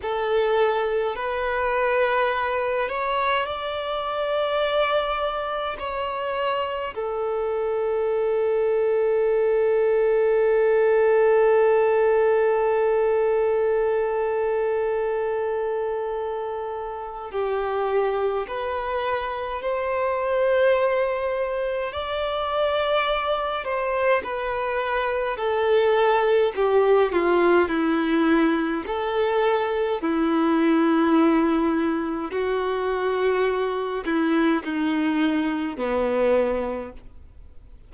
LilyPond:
\new Staff \with { instrumentName = "violin" } { \time 4/4 \tempo 4 = 52 a'4 b'4. cis''8 d''4~ | d''4 cis''4 a'2~ | a'1~ | a'2. g'4 |
b'4 c''2 d''4~ | d''8 c''8 b'4 a'4 g'8 f'8 | e'4 a'4 e'2 | fis'4. e'8 dis'4 b4 | }